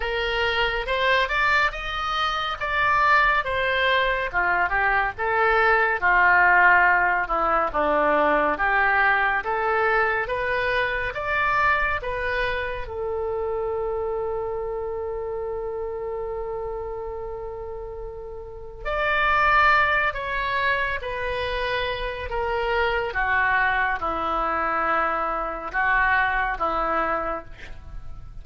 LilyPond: \new Staff \with { instrumentName = "oboe" } { \time 4/4 \tempo 4 = 70 ais'4 c''8 d''8 dis''4 d''4 | c''4 f'8 g'8 a'4 f'4~ | f'8 e'8 d'4 g'4 a'4 | b'4 d''4 b'4 a'4~ |
a'1~ | a'2 d''4. cis''8~ | cis''8 b'4. ais'4 fis'4 | e'2 fis'4 e'4 | }